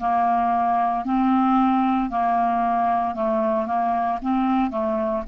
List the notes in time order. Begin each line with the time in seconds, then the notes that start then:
0.00 A#3
1.05 C4
2.11 A#3
3.15 A3
3.67 A#3
4.22 C4
4.71 A3